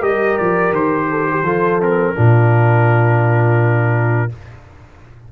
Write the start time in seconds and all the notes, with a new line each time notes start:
0.00 G3 G4 A#4 D#5
0.38 F3 D5
0.72 D#3 C5
1.11 A4
1.31 G4
1.43 F3 F4 A4
1.81 C4 A#4
2.15 A#2 D4 F4